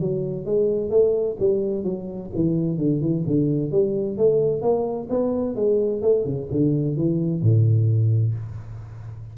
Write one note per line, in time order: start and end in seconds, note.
0.00 0.45 F#3
0.45 0.90 G#3
0.90 1.36 A3
1.39 1.84 G3
1.84 2.30 F#3
2.34 2.77 E3
2.77 3.01 D3
3.01 3.24 E3
3.26 3.71 D3
3.71 4.17 G3
4.17 4.61 A3
4.61 5.08 A#3
5.10 5.55 B3
5.55 6.01 G#3
6.01 6.25 A3
6.25 6.48 C#3
6.51 6.96 D3
6.96 7.41 E3
7.41 8.34 A2